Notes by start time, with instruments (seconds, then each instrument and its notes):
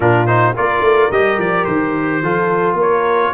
0.00 tuba A#2, trombone D4, horn F4, trumpet A#4
0.26 trombone D#4, trumpet C5
0.54 tuba A#3, trombone F4, horn A#4, trumpet D5
0.80 tuba A3
1.10 tuba G3, trombone G4, trumpet D#5
1.38 tuba F3, trumpet D5
1.64 tuba D#3, trumpet C5
2.22 tuba F3, trombone F4, horn A4
2.74 tuba A#3, horn A#4
2.80 trumpet C#5